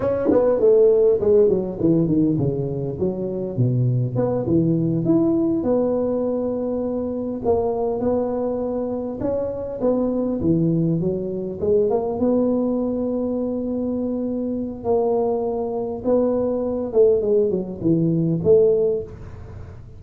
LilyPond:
\new Staff \with { instrumentName = "tuba" } { \time 4/4 \tempo 4 = 101 cis'8 b8 a4 gis8 fis8 e8 dis8 | cis4 fis4 b,4 b8 e8~ | e8 e'4 b2~ b8~ | b8 ais4 b2 cis'8~ |
cis'8 b4 e4 fis4 gis8 | ais8 b2.~ b8~ | b4 ais2 b4~ | b8 a8 gis8 fis8 e4 a4 | }